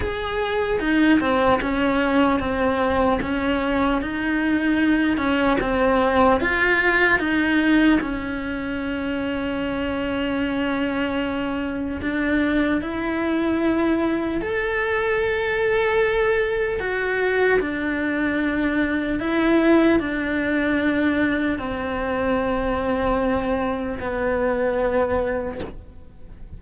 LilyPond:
\new Staff \with { instrumentName = "cello" } { \time 4/4 \tempo 4 = 75 gis'4 dis'8 c'8 cis'4 c'4 | cis'4 dis'4. cis'8 c'4 | f'4 dis'4 cis'2~ | cis'2. d'4 |
e'2 a'2~ | a'4 fis'4 d'2 | e'4 d'2 c'4~ | c'2 b2 | }